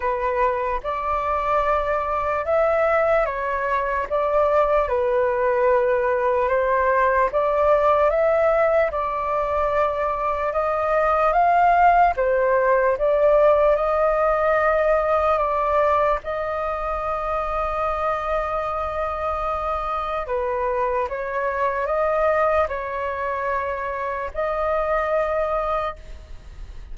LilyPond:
\new Staff \with { instrumentName = "flute" } { \time 4/4 \tempo 4 = 74 b'4 d''2 e''4 | cis''4 d''4 b'2 | c''4 d''4 e''4 d''4~ | d''4 dis''4 f''4 c''4 |
d''4 dis''2 d''4 | dis''1~ | dis''4 b'4 cis''4 dis''4 | cis''2 dis''2 | }